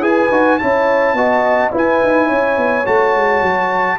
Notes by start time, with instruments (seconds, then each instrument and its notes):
0.00 tuba E4, trombone G#4, horn B4, trumpet G#5
0.31 tuba D#4, trombone F#4
0.59 tuba C#4, trombone E4, horn C#5, trumpet A5
1.14 tuba B3, trombone F#4, horn D#5
1.71 trombone E4, tuba E4, horn B4
1.78 trumpet G#5
2.04 tuba D#4
2.27 tuba C#4, horn C#5
2.57 tuba B3
2.86 tuba A3, trombone F#4, trumpet A5
3.15 tuba G#3
3.42 tuba F#3